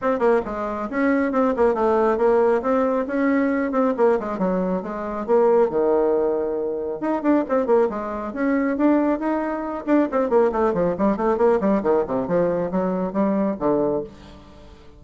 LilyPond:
\new Staff \with { instrumentName = "bassoon" } { \time 4/4 \tempo 4 = 137 c'8 ais8 gis4 cis'4 c'8 ais8 | a4 ais4 c'4 cis'4~ | cis'8 c'8 ais8 gis8 fis4 gis4 | ais4 dis2. |
dis'8 d'8 c'8 ais8 gis4 cis'4 | d'4 dis'4. d'8 c'8 ais8 | a8 f8 g8 a8 ais8 g8 dis8 c8 | f4 fis4 g4 d4 | }